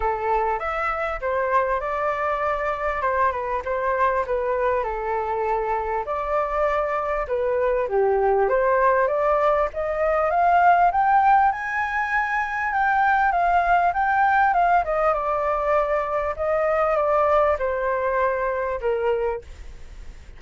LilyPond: \new Staff \with { instrumentName = "flute" } { \time 4/4 \tempo 4 = 99 a'4 e''4 c''4 d''4~ | d''4 c''8 b'8 c''4 b'4 | a'2 d''2 | b'4 g'4 c''4 d''4 |
dis''4 f''4 g''4 gis''4~ | gis''4 g''4 f''4 g''4 | f''8 dis''8 d''2 dis''4 | d''4 c''2 ais'4 | }